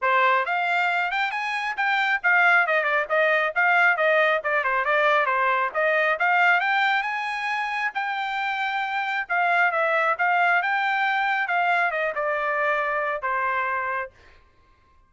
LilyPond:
\new Staff \with { instrumentName = "trumpet" } { \time 4/4 \tempo 4 = 136 c''4 f''4. g''8 gis''4 | g''4 f''4 dis''8 d''8 dis''4 | f''4 dis''4 d''8 c''8 d''4 | c''4 dis''4 f''4 g''4 |
gis''2 g''2~ | g''4 f''4 e''4 f''4 | g''2 f''4 dis''8 d''8~ | d''2 c''2 | }